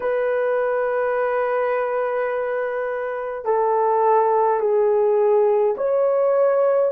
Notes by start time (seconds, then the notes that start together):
0.00 B4
3.45 A4
4.59 G#4
5.77 C#5